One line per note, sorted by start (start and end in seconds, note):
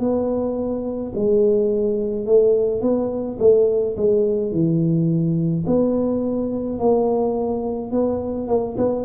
0.00 1.13 B3
1.15 2.26 G#3
2.26 2.81 A3
2.81 3.38 B3
3.40 3.96 A3
3.97 4.52 G#3
4.52 5.66 E3
5.67 6.79 B3
6.79 7.92 A#3
7.92 8.49 B3
8.49 8.77 A#3
8.78 9.06 B3